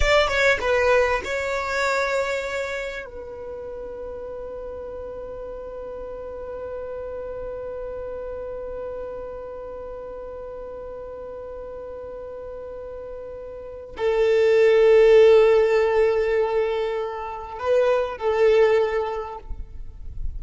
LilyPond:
\new Staff \with { instrumentName = "violin" } { \time 4/4 \tempo 4 = 99 d''8 cis''8 b'4 cis''2~ | cis''4 b'2.~ | b'1~ | b'1~ |
b'1~ | b'2. a'4~ | a'1~ | a'4 b'4 a'2 | }